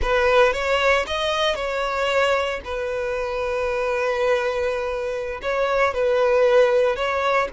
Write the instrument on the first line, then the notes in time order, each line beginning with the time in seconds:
violin
0.01 B4
0.53 C#5
1.06 D#5
1.55 C#5
2.64 B4
5.41 C#5
5.93 B4
6.95 C#5